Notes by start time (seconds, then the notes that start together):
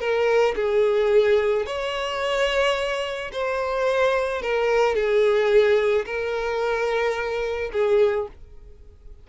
0.00 A#4
0.56 G#4
1.66 C#5
3.32 C5
4.42 A#4
4.95 G#4
6.06 A#4
7.73 G#4